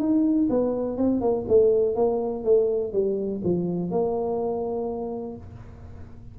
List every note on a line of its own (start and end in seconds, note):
0.00 0.49 D#4
0.50 0.98 B3
0.98 1.21 C4
1.21 1.46 A#3
1.48 1.96 A3
1.96 2.44 A#3
2.45 2.93 A3
2.93 3.42 G3
3.44 3.91 F3
3.91 5.37 A#3